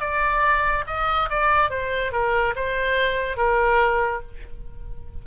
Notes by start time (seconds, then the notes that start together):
0.00 D5
0.87 D#5
1.30 D5
1.70 C5
2.12 A#4
2.56 C5
3.37 A#4